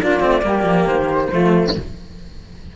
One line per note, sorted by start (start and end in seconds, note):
0.00 0.22 A#3
0.00 0.20 D4
0.00 0.43 F4
0.00 0.87 D5
0.20 0.45 A3
0.20 0.42 C4
0.42 0.64 G3
0.42 1.29 A#3
0.42 1.30 G4
0.64 0.86 F3
0.87 1.31 D#3
0.87 1.73 C5
1.30 1.76 F3
1.30 1.76 A3
1.30 1.73 F4